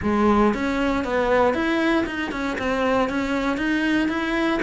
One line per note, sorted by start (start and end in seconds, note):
0.02 0.53 G#3
0.54 1.04 C#4
1.04 1.54 B3
1.54 2.05 E4
2.06 2.31 D#4
2.31 2.57 C#4
2.58 3.09 C4
3.09 3.57 C#4
3.57 4.08 D#4
4.08 4.59 E4